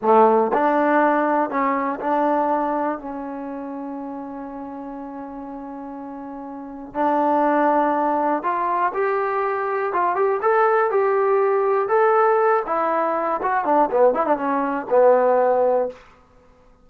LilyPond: \new Staff \with { instrumentName = "trombone" } { \time 4/4 \tempo 4 = 121 a4 d'2 cis'4 | d'2 cis'2~ | cis'1~ | cis'2 d'2~ |
d'4 f'4 g'2 | f'8 g'8 a'4 g'2 | a'4. e'4. fis'8 d'8 | b8 e'16 d'16 cis'4 b2 | }